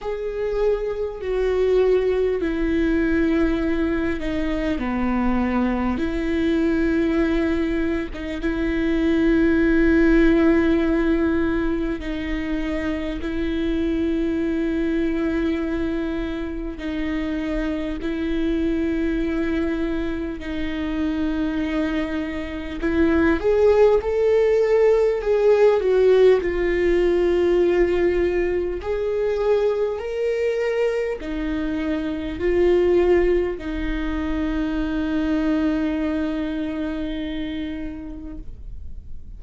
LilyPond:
\new Staff \with { instrumentName = "viola" } { \time 4/4 \tempo 4 = 50 gis'4 fis'4 e'4. dis'8 | b4 e'4.~ e'16 dis'16 e'4~ | e'2 dis'4 e'4~ | e'2 dis'4 e'4~ |
e'4 dis'2 e'8 gis'8 | a'4 gis'8 fis'8 f'2 | gis'4 ais'4 dis'4 f'4 | dis'1 | }